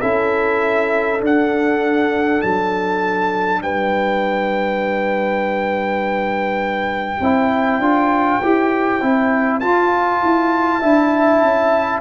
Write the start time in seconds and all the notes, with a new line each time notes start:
0.00 C#4 E4 A4 E5
1.18 D4
1.26 F#5
2.41 F#3 A5
3.62 G3 B4 G5
7.20 C4 E4 C5
7.78 D4 F4
8.43 E4 G4
9.01 C4 E4
9.60 F4 A5
10.22 E4
10.79 D4 E4 E5
11.42 C#4